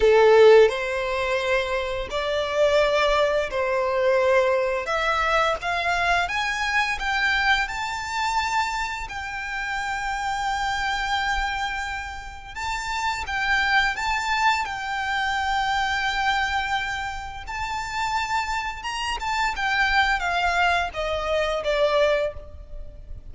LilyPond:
\new Staff \with { instrumentName = "violin" } { \time 4/4 \tempo 4 = 86 a'4 c''2 d''4~ | d''4 c''2 e''4 | f''4 gis''4 g''4 a''4~ | a''4 g''2.~ |
g''2 a''4 g''4 | a''4 g''2.~ | g''4 a''2 ais''8 a''8 | g''4 f''4 dis''4 d''4 | }